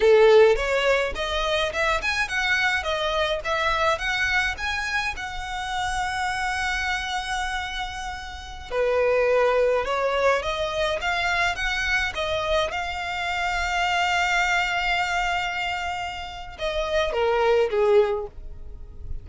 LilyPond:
\new Staff \with { instrumentName = "violin" } { \time 4/4 \tempo 4 = 105 a'4 cis''4 dis''4 e''8 gis''8 | fis''4 dis''4 e''4 fis''4 | gis''4 fis''2.~ | fis''2.~ fis''16 b'8.~ |
b'4~ b'16 cis''4 dis''4 f''8.~ | f''16 fis''4 dis''4 f''4.~ f''16~ | f''1~ | f''4 dis''4 ais'4 gis'4 | }